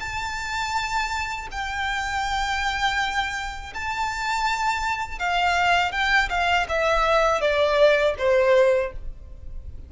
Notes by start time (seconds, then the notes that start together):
0.00 A5
1.52 G5
3.74 A5
5.19 F5
5.92 G5
6.30 F5
6.69 E5
7.41 D5
8.18 C5